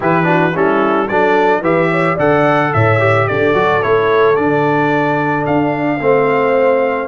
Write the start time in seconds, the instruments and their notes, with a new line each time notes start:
0.00 tuba E3, trombone E4, horn G4, trumpet B4
0.23 trombone D4, horn F#4
0.54 tuba G3, trombone C#4, horn E4, trumpet A4
1.08 tuba F#3, trombone D4, horn A4, trumpet D5
1.61 tuba E3, trombone G4, horn B4, trumpet E5
1.90 horn C#5
2.15 tuba D3, trombone A4, horn D5, trumpet F#5
2.73 tuba A2, horn C#5, trumpet E5
2.99 trombone G4
3.27 tuba D3, horn A4, trumpet D5
3.54 tuba F#3, trombone F#4
3.82 tuba A3, trombone E4, trumpet C#5
4.35 tuba D3, trombone D4, trumpet D5
5.45 tuba D4, trumpet F5
6.00 tuba A3, trombone C4, horn C5